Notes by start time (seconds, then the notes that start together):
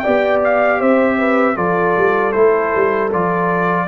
0.00 G4 D5 G5
0.07 B3
0.44 F5
0.80 C4 C5 E5
1.19 B4
1.56 F3 F4 A4 D5
1.97 G3
2.33 A3 E4 C5
2.76 G3
3.13 F3 F4 D5